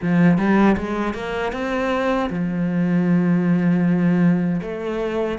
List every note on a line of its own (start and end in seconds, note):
0.01 0.38 F3
0.38 0.76 G3
0.77 1.14 G#3
1.14 1.52 A#3
1.52 2.29 C4
2.30 4.60 F3
4.62 5.38 A3